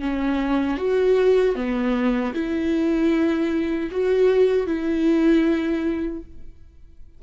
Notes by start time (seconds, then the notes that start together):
0.00 C#4
0.78 F#4
1.55 B3
2.34 E4
3.91 F#4
4.67 E4